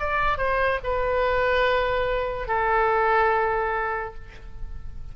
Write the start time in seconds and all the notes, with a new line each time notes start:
0.00 D5
0.38 C5
0.84 B4
2.48 A4